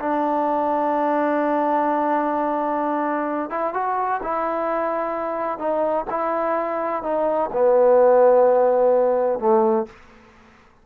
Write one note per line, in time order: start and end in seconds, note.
0.00 3.50 D4
3.50 3.74 E4
3.74 4.21 F#4
4.23 5.59 E4
5.59 6.06 D#4
6.10 7.03 E4
7.03 7.50 D#4
7.53 9.40 B3
9.40 9.87 A3